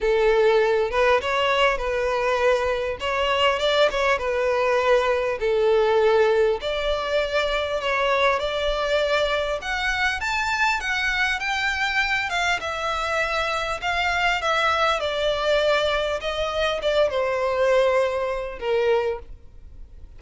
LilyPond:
\new Staff \with { instrumentName = "violin" } { \time 4/4 \tempo 4 = 100 a'4. b'8 cis''4 b'4~ | b'4 cis''4 d''8 cis''8 b'4~ | b'4 a'2 d''4~ | d''4 cis''4 d''2 |
fis''4 a''4 fis''4 g''4~ | g''8 f''8 e''2 f''4 | e''4 d''2 dis''4 | d''8 c''2~ c''8 ais'4 | }